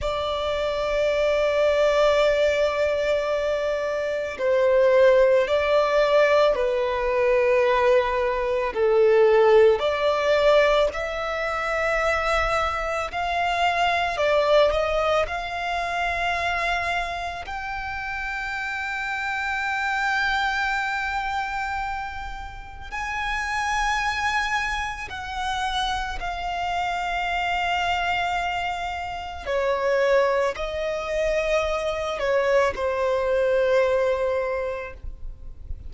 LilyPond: \new Staff \with { instrumentName = "violin" } { \time 4/4 \tempo 4 = 55 d''1 | c''4 d''4 b'2 | a'4 d''4 e''2 | f''4 d''8 dis''8 f''2 |
g''1~ | g''4 gis''2 fis''4 | f''2. cis''4 | dis''4. cis''8 c''2 | }